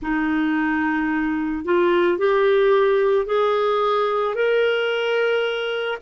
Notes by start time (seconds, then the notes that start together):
0.01 D#4
1.64 F4
2.18 G4
3.26 G#4
4.34 A#4